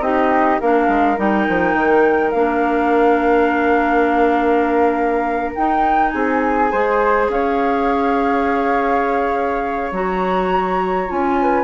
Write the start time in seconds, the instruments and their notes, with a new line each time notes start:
0.00 bassoon C4, clarinet D#4, flute G4 D#5
0.60 bassoon A#3, clarinet D4, flute A#4 F5
0.88 bassoon G#3
1.17 bassoon G3, clarinet D#4, flute G5
1.49 bassoon F3
1.74 bassoon D#3
2.31 bassoon A#3, clarinet D4, flute F5
5.56 clarinet D#4, bassoon D#4, flute G5
6.09 bassoon C4, flute G#4 G#5
6.72 bassoon G#3, clarinet G#4, flute C5
7.29 bassoon C#4, flute C#5 F5
9.92 bassoon F#3, clarinet F#4, flute A#5
11.08 bassoon C#4, clarinet F4, flute G#5
11.41 flute B4